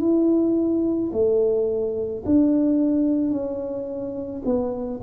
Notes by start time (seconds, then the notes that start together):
0.00 E4
1.13 A3
2.25 D4
3.31 C#4
4.45 B3